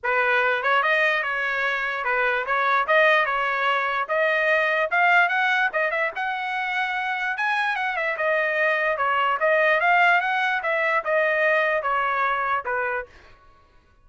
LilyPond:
\new Staff \with { instrumentName = "trumpet" } { \time 4/4 \tempo 4 = 147 b'4. cis''8 dis''4 cis''4~ | cis''4 b'4 cis''4 dis''4 | cis''2 dis''2 | f''4 fis''4 dis''8 e''8 fis''4~ |
fis''2 gis''4 fis''8 e''8 | dis''2 cis''4 dis''4 | f''4 fis''4 e''4 dis''4~ | dis''4 cis''2 b'4 | }